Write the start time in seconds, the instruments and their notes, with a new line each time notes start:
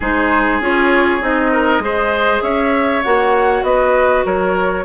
0.00 bassoon G#3, clarinet D#4, oboe G#4, flute C5
0.60 bassoon C#4, clarinet F4, flute C#5
1.21 bassoon C4, clarinet D#4, flute D#5
1.52 oboe A#4
1.79 bassoon G#3, clarinet G#4, oboe C5
2.41 bassoon C#4, oboe C#5, flute E5
3.03 bassoon A#3, clarinet F#4, flute F#5
3.62 bassoon B3, oboe B4, flute D#5
4.25 bassoon F#3, oboe A#4, flute C#5